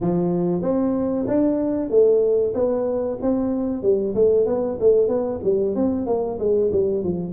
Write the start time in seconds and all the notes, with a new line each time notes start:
0.00 F3
0.62 C4
1.27 D4
1.89 A3
2.54 B3
3.21 C4
3.82 G3
4.14 A3
4.46 B3
4.80 A3
5.07 B3
5.43 G3
5.75 C4
6.06 A#3
6.39 G#3
6.72 G3
7.03 F3